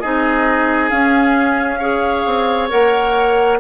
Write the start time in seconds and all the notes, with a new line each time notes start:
0.00 C4 D#4 G#4 D#5
0.90 C#4 F5
1.79 G#4 C#5
2.26 C4
2.69 A#3 A#4 F#5